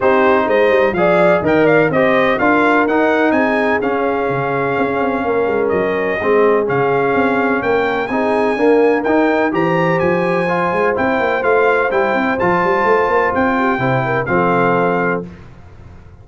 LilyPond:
<<
  \new Staff \with { instrumentName = "trumpet" } { \time 4/4 \tempo 4 = 126 c''4 dis''4 f''4 g''8 f''8 | dis''4 f''4 fis''4 gis''4 | f''1 | dis''2 f''2 |
g''4 gis''2 g''4 | ais''4 gis''2 g''4 | f''4 g''4 a''2 | g''2 f''2 | }
  \new Staff \with { instrumentName = "horn" } { \time 4/4 g'4 c''4 d''4 dis''8 d''8 | c''4 ais'2 gis'4~ | gis'2. ais'4~ | ais'4 gis'2. |
ais'4 gis'4 ais'2 | c''1~ | c''1~ | c''8 g'8 c''8 ais'8 a'2 | }
  \new Staff \with { instrumentName = "trombone" } { \time 4/4 dis'2 gis'4 ais'4 | g'4 f'4 dis'2 | cis'1~ | cis'4 c'4 cis'2~ |
cis'4 dis'4 ais4 dis'4 | g'2 f'4 e'4 | f'4 e'4 f'2~ | f'4 e'4 c'2 | }
  \new Staff \with { instrumentName = "tuba" } { \time 4/4 c'4 gis8 g8 f4 dis4 | c'4 d'4 dis'4 c'4 | cis'4 cis4 cis'8 c'8 ais8 gis8 | fis4 gis4 cis4 c'4 |
ais4 c'4 d'4 dis'4 | e4 f4. gis8 c'8 ais8 | a4 g8 c'8 f8 g8 a8 ais8 | c'4 c4 f2 | }
>>